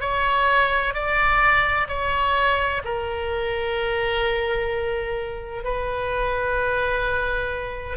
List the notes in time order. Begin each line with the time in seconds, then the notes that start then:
0.00 C#5
0.94 D5
1.88 C#5
2.84 A#4
5.64 B4